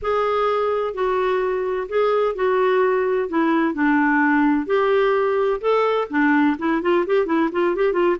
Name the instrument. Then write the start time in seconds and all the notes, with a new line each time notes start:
clarinet
0.01 G#4
0.94 F#4
1.89 G#4
2.35 F#4
3.28 E4
3.74 D4
4.66 G4
5.61 A4
6.10 D4
6.58 E4
6.82 F4
7.06 G4
7.26 E4
7.52 F4
7.75 G4
7.92 F4